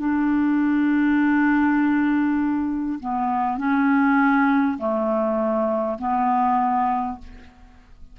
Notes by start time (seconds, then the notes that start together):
0.00 D4
3.00 B3
3.58 C#4
4.78 A3
5.99 B3